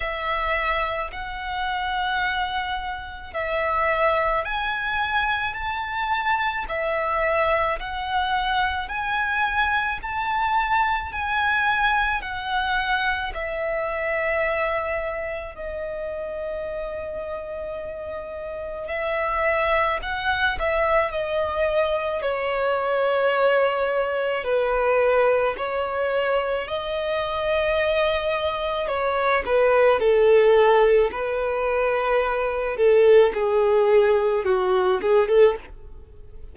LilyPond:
\new Staff \with { instrumentName = "violin" } { \time 4/4 \tempo 4 = 54 e''4 fis''2 e''4 | gis''4 a''4 e''4 fis''4 | gis''4 a''4 gis''4 fis''4 | e''2 dis''2~ |
dis''4 e''4 fis''8 e''8 dis''4 | cis''2 b'4 cis''4 | dis''2 cis''8 b'8 a'4 | b'4. a'8 gis'4 fis'8 gis'16 a'16 | }